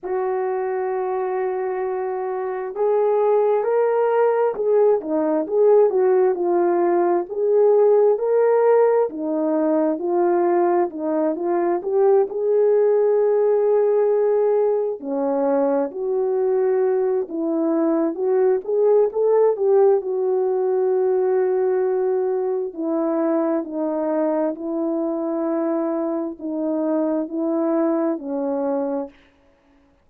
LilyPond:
\new Staff \with { instrumentName = "horn" } { \time 4/4 \tempo 4 = 66 fis'2. gis'4 | ais'4 gis'8 dis'8 gis'8 fis'8 f'4 | gis'4 ais'4 dis'4 f'4 | dis'8 f'8 g'8 gis'2~ gis'8~ |
gis'8 cis'4 fis'4. e'4 | fis'8 gis'8 a'8 g'8 fis'2~ | fis'4 e'4 dis'4 e'4~ | e'4 dis'4 e'4 cis'4 | }